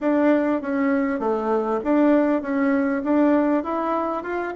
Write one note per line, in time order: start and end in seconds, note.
0.01 0.61 D4
0.61 1.19 C#4
1.19 1.80 A3
1.83 2.42 D4
2.42 3.02 C#4
3.03 3.63 D4
3.63 4.23 E4
4.23 4.53 F4